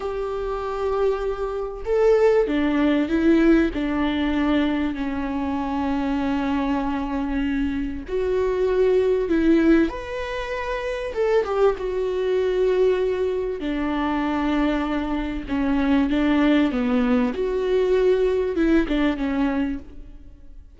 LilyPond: \new Staff \with { instrumentName = "viola" } { \time 4/4 \tempo 4 = 97 g'2. a'4 | d'4 e'4 d'2 | cis'1~ | cis'4 fis'2 e'4 |
b'2 a'8 g'8 fis'4~ | fis'2 d'2~ | d'4 cis'4 d'4 b4 | fis'2 e'8 d'8 cis'4 | }